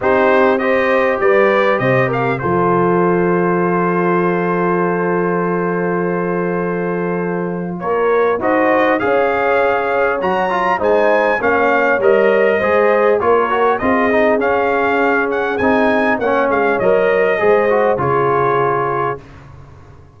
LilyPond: <<
  \new Staff \with { instrumentName = "trumpet" } { \time 4/4 \tempo 4 = 100 c''4 dis''4 d''4 dis''8 f''8 | c''1~ | c''1~ | c''4 cis''4 dis''4 f''4~ |
f''4 ais''4 gis''4 f''4 | dis''2 cis''4 dis''4 | f''4. fis''8 gis''4 fis''8 f''8 | dis''2 cis''2 | }
  \new Staff \with { instrumentName = "horn" } { \time 4/4 g'4 c''4 b'4 c''8 ais'8 | a'1~ | a'1~ | a'4 ais'4 c''4 cis''4~ |
cis''2 c''4 cis''4~ | cis''4 c''4 ais'4 gis'4~ | gis'2. cis''4~ | cis''4 c''4 gis'2 | }
  \new Staff \with { instrumentName = "trombone" } { \time 4/4 dis'4 g'2. | f'1~ | f'1~ | f'2 fis'4 gis'4~ |
gis'4 fis'8 f'8 dis'4 cis'4 | ais'4 gis'4 f'8 fis'8 f'8 dis'8 | cis'2 dis'4 cis'4 | ais'4 gis'8 fis'8 f'2 | }
  \new Staff \with { instrumentName = "tuba" } { \time 4/4 c'2 g4 c4 | f1~ | f1~ | f4 ais4 dis'4 cis'4~ |
cis'4 fis4 gis4 ais4 | g4 gis4 ais4 c'4 | cis'2 c'4 ais8 gis8 | fis4 gis4 cis2 | }
>>